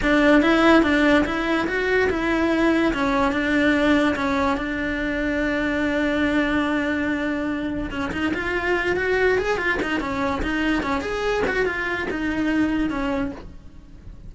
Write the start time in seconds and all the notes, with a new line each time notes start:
0.02 D4
0.41 E4
0.83 D4
1.25 E4
1.67 F#4
2.10 E4
2.93 C#4
3.32 D4
4.15 C#4
4.57 D4
7.91 C#4
8.12 D#4
8.34 F4
8.96 F#4
9.38 G#4
9.57 F4
9.82 D#4
10.00 C#4
10.42 D#4
10.82 C#4
11.01 G#4
11.47 F#4
11.66 F4
12.10 D#4
12.90 C#4